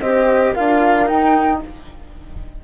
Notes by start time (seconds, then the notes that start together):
0.00 C4 G4 C5 D#5
0.53 D4 F4 A#4 F5
1.06 D#4 G5